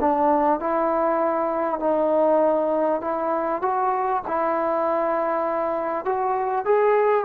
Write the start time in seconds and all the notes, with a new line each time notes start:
0.00 D4
0.60 E4
1.79 D#4
3.01 E4
3.62 F#4
4.27 E4
6.05 F#4
6.65 G#4